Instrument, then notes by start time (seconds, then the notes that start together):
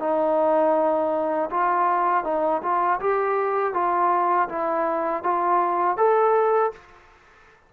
trombone
0.00 D#4
1.51 F4
2.24 D#4
2.62 F4
3.00 G4
3.74 F4
4.49 E4
5.24 F4
5.97 A4